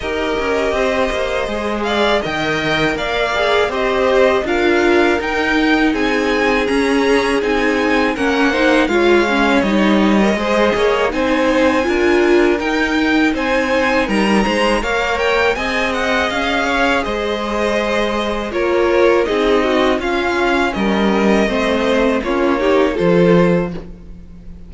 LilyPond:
<<
  \new Staff \with { instrumentName = "violin" } { \time 4/4 \tempo 4 = 81 dis''2~ dis''8 f''8 g''4 | f''4 dis''4 f''4 g''4 | gis''4 ais''4 gis''4 fis''4 | f''4 dis''2 gis''4~ |
gis''4 g''4 gis''4 ais''4 | f''8 g''8 gis''8 fis''8 f''4 dis''4~ | dis''4 cis''4 dis''4 f''4 | dis''2 cis''4 c''4 | }
  \new Staff \with { instrumentName = "violin" } { \time 4/4 ais'4 c''4. d''8 dis''4 | d''4 c''4 ais'2 | gis'2. ais'8 c''8 | cis''2 c''8 cis''8 c''4 |
ais'2 c''4 ais'8 c''8 | cis''4 dis''4. cis''8 c''4~ | c''4 ais'4 gis'8 fis'8 f'4 | ais'4 c''4 f'8 g'8 a'4 | }
  \new Staff \with { instrumentName = "viola" } { \time 4/4 g'2 gis'4 ais'4~ | ais'8 gis'8 g'4 f'4 dis'4~ | dis'4 cis'4 dis'4 cis'8 dis'8 | f'8 cis'8 dis'8. ais'16 gis'4 dis'4 |
f'4 dis'2. | ais'4 gis'2.~ | gis'4 f'4 dis'4 cis'4~ | cis'4 c'4 cis'8 dis'8 f'4 | }
  \new Staff \with { instrumentName = "cello" } { \time 4/4 dis'8 cis'8 c'8 ais8 gis4 dis4 | ais4 c'4 d'4 dis'4 | c'4 cis'4 c'4 ais4 | gis4 g4 gis8 ais8 c'4 |
d'4 dis'4 c'4 g8 gis8 | ais4 c'4 cis'4 gis4~ | gis4 ais4 c'4 cis'4 | g4 a4 ais4 f4 | }
>>